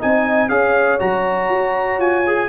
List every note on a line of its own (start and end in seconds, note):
0.00 0.49 C4
0.00 0.50 D#4
0.00 0.50 D#5
0.00 0.49 G#5
0.49 0.99 C#4
0.49 1.00 G#4
0.49 2.50 C#5
0.49 0.99 F5
1.00 1.50 F#3
1.00 2.25 F#4
1.00 2.01 A#5
1.50 1.99 F#4
1.99 2.49 F4
1.99 2.50 G#5
2.27 2.50 G#4